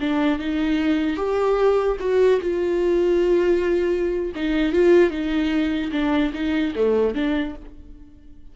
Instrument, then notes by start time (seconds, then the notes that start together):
viola
0.00 D4
0.39 D#4
1.17 G4
2.00 F#4
2.41 F4
4.35 D#4
4.72 F4
5.10 D#4
5.92 D4
6.33 D#4
6.75 A3
7.15 D4